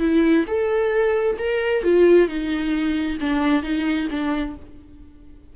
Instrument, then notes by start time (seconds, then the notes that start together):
viola
0.00 E4
0.48 A4
1.39 A#4
1.84 F4
2.28 D#4
3.21 D4
3.63 D#4
4.11 D4